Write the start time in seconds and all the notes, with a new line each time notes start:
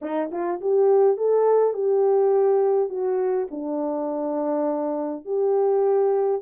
0.01 D#4
0.31 F4
0.60 G4
1.17 A4
1.73 G4
2.89 F#4
3.50 D4
5.25 G4